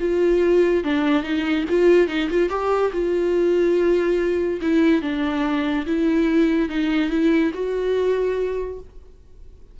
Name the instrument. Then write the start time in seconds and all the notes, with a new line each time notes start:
viola
0.00 F4
0.84 D4
1.23 D#4
1.70 F4
2.08 D#4
2.30 F4
2.49 G4
2.93 F4
4.61 E4
5.02 D4
5.86 E4
6.69 D#4
7.10 E4
7.54 F#4